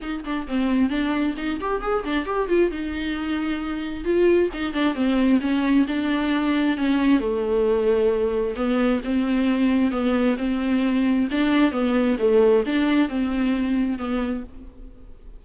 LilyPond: \new Staff \with { instrumentName = "viola" } { \time 4/4 \tempo 4 = 133 dis'8 d'8 c'4 d'4 dis'8 g'8 | gis'8 d'8 g'8 f'8 dis'2~ | dis'4 f'4 dis'8 d'8 c'4 | cis'4 d'2 cis'4 |
a2. b4 | c'2 b4 c'4~ | c'4 d'4 b4 a4 | d'4 c'2 b4 | }